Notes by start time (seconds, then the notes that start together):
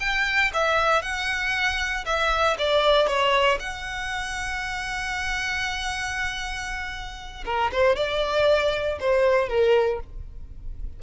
0.00 G5
0.54 E5
1.02 F#5
2.06 E5
2.58 D5
3.07 C#5
3.60 F#5
7.45 A#4
7.72 C5
7.96 D5
9.00 C5
9.49 A#4